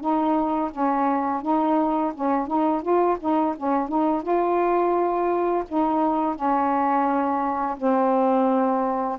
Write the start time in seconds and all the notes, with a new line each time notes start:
0.00 D#4
0.71 C#4
1.42 D#4
2.14 C#4
2.47 D#4
2.82 F4
3.20 D#4
3.56 C#4
3.88 D#4
4.22 F4
5.68 D#4
6.36 C#4
7.77 C4